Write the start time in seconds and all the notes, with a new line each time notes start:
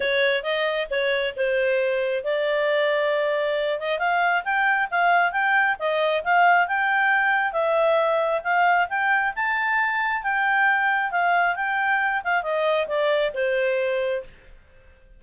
0.00 C#5
0.43 D#5
0.90 C#5
1.36 C5
2.24 D5
3.79 D#5
3.98 F5
4.44 G5
4.90 F5
5.32 G5
5.79 D#5
6.24 F5
6.67 G5
7.52 E5
8.43 F5
8.89 G5
9.35 A5
10.23 G5
11.11 F5
11.55 G5
12.24 F5
12.42 D#5
12.87 D5
13.34 C5